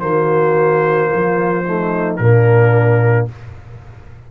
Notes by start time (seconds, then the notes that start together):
0.00 D#3 A#3 F#4 C5
1.10 F3 F4
1.65 A3 D#4
2.17 A#2 A#3 D4 A#4